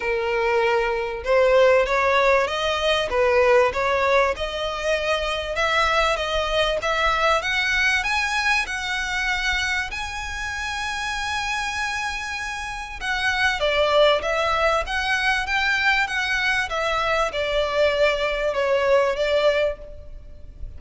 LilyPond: \new Staff \with { instrumentName = "violin" } { \time 4/4 \tempo 4 = 97 ais'2 c''4 cis''4 | dis''4 b'4 cis''4 dis''4~ | dis''4 e''4 dis''4 e''4 | fis''4 gis''4 fis''2 |
gis''1~ | gis''4 fis''4 d''4 e''4 | fis''4 g''4 fis''4 e''4 | d''2 cis''4 d''4 | }